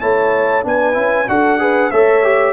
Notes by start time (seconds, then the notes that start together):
0.00 A3 E4 C#5 A5
0.63 B3 D4 B4 G#5
0.93 C#4 E4
1.28 D4 F#4 A4 F#5
1.59 G#4 B4
1.91 A3 A4 C#5 E5
2.23 G4